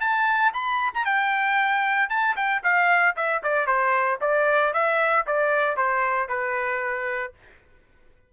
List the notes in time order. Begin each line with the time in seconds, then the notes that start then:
0.00 A5
0.54 B5
0.94 A#5
1.05 G5
2.10 A5
2.36 G5
2.63 F5
3.16 E5
3.43 D5
3.67 C5
4.21 D5
4.74 E5
5.27 D5
5.77 C5
6.29 B4